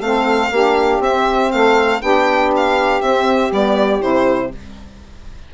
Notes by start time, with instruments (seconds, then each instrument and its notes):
0.00 bassoon A3, saxophone C4 A4, violin F5
0.51 bassoon A#3, saxophone D4 G4
1.00 bassoon C4, saxophone C4, violin E5
1.52 bassoon A3, saxophone A4, violin F5
2.01 bassoon B3, saxophone D4 G4, violin G5
2.56 violin F5
3.01 bassoon C4, saxophone C4, violin E5
3.51 bassoon G3, saxophone B3, violin D5
4.01 bassoon C3, saxophone E4, violin C5